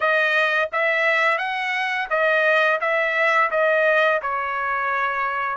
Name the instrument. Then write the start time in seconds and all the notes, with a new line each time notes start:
trumpet
0.00 D#5
0.72 E5
1.38 F#5
2.10 D#5
2.80 E5
3.51 D#5
4.22 C#5